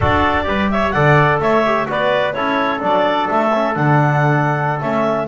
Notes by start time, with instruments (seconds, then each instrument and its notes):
0.00 double bass D4, trombone F#4, trumpet A4, clarinet D5
0.43 double bass G3, trombone G4, trumpet B4
0.71 trumpet C#5, clarinet E5
0.91 double bass D3, trombone A4, trumpet D5, clarinet F#5
1.39 double bass A3, trumpet C#5, clarinet E5
1.65 trombone G4
1.87 double bass B3, trombone F#4, trumpet B4, clarinet D5
2.33 double bass C#4, trombone E4, trumpet A4, clarinet C#5
2.79 double bass F#3, trombone D4, clarinet D5
3.29 double bass A3, clarinet E5
3.53 trombone C#4
3.74 double bass D3, trombone D4, clarinet F#5
4.80 double bass A3, trombone C#4, clarinet E5